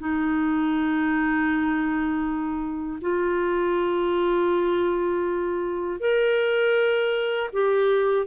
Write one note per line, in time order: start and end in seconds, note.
0.00 3.00 D#4
3.02 6.00 F4
6.00 7.50 A#4
7.53 8.27 G4